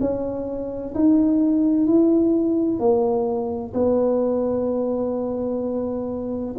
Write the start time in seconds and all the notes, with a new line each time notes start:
0.00 C#4
0.95 D#4
1.86 E4
2.79 A#3
3.74 B3